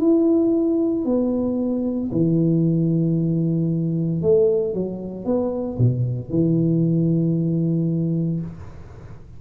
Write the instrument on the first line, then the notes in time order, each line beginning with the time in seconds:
tuba
0.00 E4
1.05 B3
2.12 E3
4.22 A3
4.74 F#3
5.25 B3
5.78 B2
6.30 E3